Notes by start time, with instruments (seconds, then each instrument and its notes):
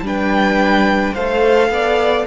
0.00 cello G3, viola D4, violin B4
0.06 violin G5
1.14 cello A3, viola A4, violin C5 F5
1.69 cello B3, violin D5